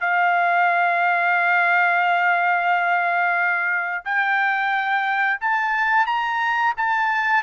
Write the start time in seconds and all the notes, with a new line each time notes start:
0.00 F5
4.04 G5
5.41 A5
6.06 A#5
6.77 A5